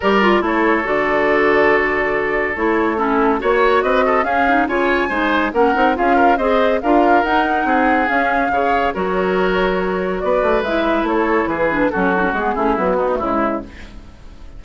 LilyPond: <<
  \new Staff \with { instrumentName = "flute" } { \time 4/4 \tempo 4 = 141 d''4 cis''4 d''2~ | d''2 cis''4 a'4 | cis''4 dis''4 f''4 gis''4~ | gis''4 fis''4 f''4 dis''4 |
f''4 fis''2 f''4~ | f''4 cis''2. | d''4 e''4 cis''4 b'4 | a'4 gis'4 fis'4 e'4 | }
  \new Staff \with { instrumentName = "oboe" } { \time 4/4 ais'4 a'2.~ | a'2. e'4 | cis''4 b'8 a'8 gis'4 cis''4 | c''4 ais'4 gis'8 ais'8 c''4 |
ais'2 gis'2 | cis''4 ais'2. | b'2 a'4 gis'4 | fis'4. e'4 dis'8 e'4 | }
  \new Staff \with { instrumentName = "clarinet" } { \time 4/4 g'8 f'8 e'4 fis'2~ | fis'2 e'4 cis'4 | fis'2 cis'8 dis'8 f'4 | dis'4 cis'8 dis'8 f'4 gis'4 |
f'4 dis'2 cis'4 | gis'4 fis'2.~ | fis'4 e'2~ e'8 d'8 | cis'8 dis'16 cis'16 b8 cis'8 fis8 b16 a16 gis4 | }
  \new Staff \with { instrumentName = "bassoon" } { \time 4/4 g4 a4 d2~ | d2 a2 | ais4 c'4 cis'4 cis4 | gis4 ais8 c'8 cis'4 c'4 |
d'4 dis'4 c'4 cis'4 | cis4 fis2. | b8 a8 gis4 a4 e4 | fis4 gis8 a8 b4 cis4 | }
>>